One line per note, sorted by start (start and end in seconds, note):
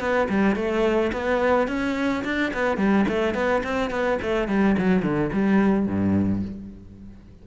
0.00 0.28 B3
0.29 0.56 G3
0.56 1.12 A3
1.12 1.68 B3
1.68 2.24 C#4
2.25 2.53 D4
2.54 2.77 B3
2.77 3.05 G3
3.09 3.35 A3
3.35 3.63 B3
3.64 3.90 C4
3.90 4.19 B3
4.22 4.48 A3
4.48 4.76 G3
4.78 5.02 F#3
5.02 5.30 D3
5.33 5.86 G3
5.86 6.42 G2